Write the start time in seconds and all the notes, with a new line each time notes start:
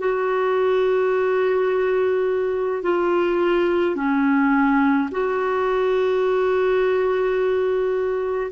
0.00 F#4
2.83 F4
3.96 C#4
5.12 F#4